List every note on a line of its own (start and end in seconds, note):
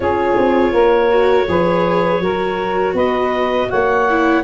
0.00 0.36 C#4
0.00 1.09 F4
0.00 0.72 G#4
0.00 2.96 C#5
0.37 0.73 C4
0.72 1.47 A#3
0.72 1.46 A#4
1.09 1.46 F#4
1.48 2.19 F3
1.48 2.22 G#4
1.48 2.22 B4
2.19 2.93 F#3
2.19 4.07 F#4
2.19 2.94 A#4
2.93 3.67 B3
2.93 3.68 B4
2.93 3.70 D#5
3.69 4.44 A#3
3.69 4.43 C#5
3.69 4.44 F#5
4.09 4.44 E4